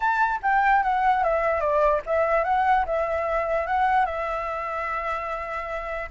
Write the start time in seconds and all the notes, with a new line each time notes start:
0.00 A5
0.42 G5
0.82 F#5
1.23 E5
1.60 D5
2.06 E5
2.44 F#5
2.85 E5
3.67 F#5
4.05 E5